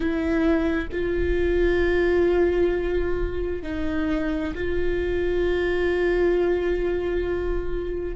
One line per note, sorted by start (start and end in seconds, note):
0.00 0.88 E4
0.92 3.62 F4
3.62 4.53 D#4
4.55 8.15 F4